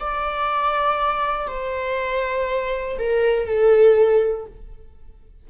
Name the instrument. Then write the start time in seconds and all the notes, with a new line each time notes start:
viola
0.00 D5
1.47 C5
2.98 A#4
3.45 A4